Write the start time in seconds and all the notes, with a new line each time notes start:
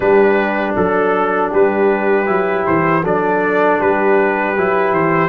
0.00 G3 D4 G4 B4
0.75 F#3 A4
1.51 G3 G4 B4
2.25 F#3 E4
2.66 E3 C5
3.02 F#3 D4 A4 D5
3.78 G3 G4 B4
4.56 F#3 E4
4.91 E3 C5